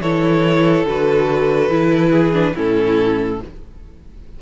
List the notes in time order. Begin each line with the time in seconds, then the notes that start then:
0.00 E3 E4 A4 C#5
0.85 D3 F#4 B4
1.70 E3 E4
2.10 G#4
2.33 D4
2.55 A2 C#4 E4 A4